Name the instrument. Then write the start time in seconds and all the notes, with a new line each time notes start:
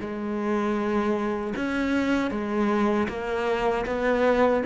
cello
0.00 G#3
1.56 C#4
2.31 G#3
3.08 A#3
3.86 B3